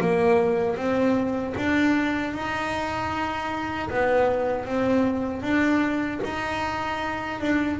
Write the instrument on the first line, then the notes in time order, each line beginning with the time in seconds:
double bass
0.00 A#3
0.76 C4
1.57 D4
2.33 D#4
3.89 B3
4.65 C4
5.42 D4
6.23 D#4
7.40 D4